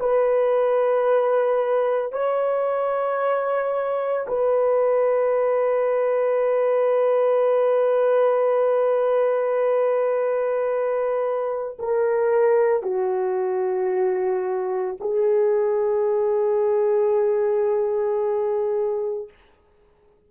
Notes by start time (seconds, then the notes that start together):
0.00 B4
2.12 C#5
4.28 B4
11.79 A#4
12.83 F#4
15.00 G#4